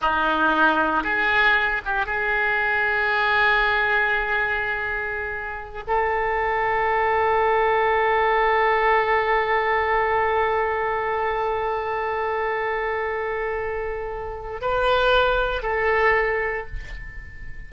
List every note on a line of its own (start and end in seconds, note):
0.01 1.03 D#4
1.03 1.81 G#4
1.85 2.05 G4
2.05 5.84 G#4
5.87 14.61 A4
14.61 15.62 B4
15.62 16.66 A4